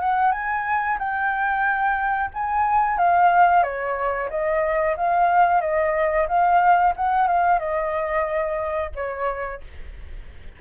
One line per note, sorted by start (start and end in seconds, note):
0.00 0.32 F#5
0.32 0.98 G#5
0.99 2.30 G5
2.34 2.98 G#5
2.98 3.63 F5
3.63 4.29 C#5
4.30 4.96 D#5
4.97 5.61 F5
5.61 6.27 D#5
6.28 6.94 F5
6.96 7.27 F#5
7.27 7.59 F5
7.59 8.91 D#5
8.95 9.61 C#5